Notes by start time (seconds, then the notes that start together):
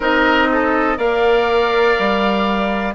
0.00 C4 D#4 A#4 D#5
0.51 A4
0.96 A#3 A#4 D5 F5
1.99 G3